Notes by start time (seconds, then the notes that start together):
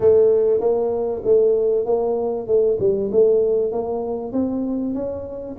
0.00 A3
0.60 A#3
1.24 A3
1.85 A#3
2.47 A3
2.79 G3
3.11 A3
3.72 A#3
4.32 C4
4.94 C#4